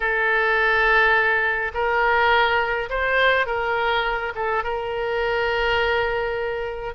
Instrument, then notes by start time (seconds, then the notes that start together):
oboe
0.00 A4
1.73 A#4
2.89 C5
3.46 A#4
4.35 A4
4.63 A#4